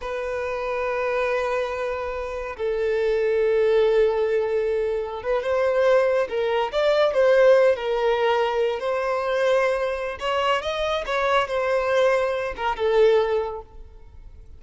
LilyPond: \new Staff \with { instrumentName = "violin" } { \time 4/4 \tempo 4 = 141 b'1~ | b'2 a'2~ | a'1~ | a'16 b'8 c''2 ais'4 d''16~ |
d''8. c''4. ais'4.~ ais'16~ | ais'8. c''2.~ c''16 | cis''4 dis''4 cis''4 c''4~ | c''4. ais'8 a'2 | }